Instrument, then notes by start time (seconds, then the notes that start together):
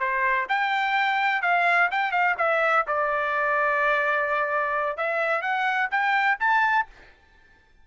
trumpet
0.00 C5
0.49 G5
1.42 F5
1.92 G5
2.12 F5
2.39 E5
2.88 D5
4.98 E5
5.42 F#5
5.91 G5
6.40 A5